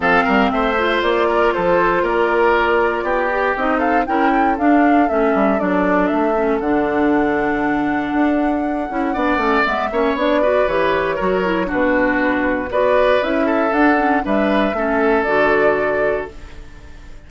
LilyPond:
<<
  \new Staff \with { instrumentName = "flute" } { \time 4/4 \tempo 4 = 118 f''4 e''4 d''4 c''4 | d''2. dis''8 f''8 | g''4 f''4 e''4 d''4 | e''4 fis''2.~ |
fis''2. e''4 | d''4 cis''2 b'4~ | b'4 d''4 e''4 fis''4 | e''2 d''2 | }
  \new Staff \with { instrumentName = "oboe" } { \time 4/4 a'8 ais'8 c''4. ais'8 a'4 | ais'2 g'4. a'8 | ais'8 a'2.~ a'8~ | a'1~ |
a'2 d''4. cis''8~ | cis''8 b'4. ais'4 fis'4~ | fis'4 b'4. a'4. | b'4 a'2. | }
  \new Staff \with { instrumentName = "clarinet" } { \time 4/4 c'4. f'2~ f'8~ | f'2~ f'8 g'8 dis'4 | e'4 d'4 cis'4 d'4~ | d'8 cis'8 d'2.~ |
d'4. e'8 d'8 cis'8 b8 cis'8 | d'8 fis'8 g'4 fis'8 e'8 d'4~ | d'4 fis'4 e'4 d'8 cis'8 | d'4 cis'4 fis'2 | }
  \new Staff \with { instrumentName = "bassoon" } { \time 4/4 f8 g8 a4 ais4 f4 | ais2 b4 c'4 | cis'4 d'4 a8 g8 fis4 | a4 d2. |
d'4. cis'8 b8 a8 gis8 ais8 | b4 e4 fis4 b,4~ | b,4 b4 cis'4 d'4 | g4 a4 d2 | }
>>